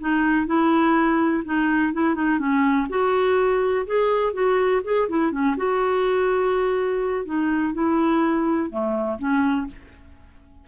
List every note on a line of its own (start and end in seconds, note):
0.00 0.47 D#4
0.47 1.43 E4
1.45 1.93 D#4
1.93 2.15 E4
2.15 2.39 D#4
2.39 2.87 C#4
2.89 3.86 F#4
3.86 4.33 G#4
4.33 4.82 F#4
4.84 5.08 G#4
5.09 5.31 E4
5.31 5.56 C#4
5.57 7.25 F#4
7.25 7.74 D#4
7.74 8.70 E4
8.70 9.18 A3
9.19 9.67 C#4